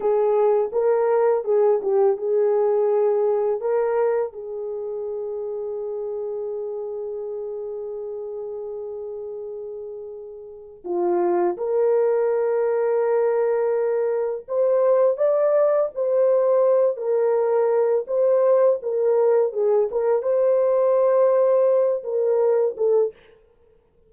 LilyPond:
\new Staff \with { instrumentName = "horn" } { \time 4/4 \tempo 4 = 83 gis'4 ais'4 gis'8 g'8 gis'4~ | gis'4 ais'4 gis'2~ | gis'1~ | gis'2. f'4 |
ais'1 | c''4 d''4 c''4. ais'8~ | ais'4 c''4 ais'4 gis'8 ais'8 | c''2~ c''8 ais'4 a'8 | }